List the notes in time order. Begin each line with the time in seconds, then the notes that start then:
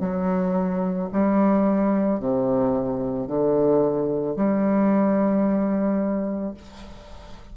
0.00 F#3
1.13 G3
2.19 C3
3.27 D3
4.36 G3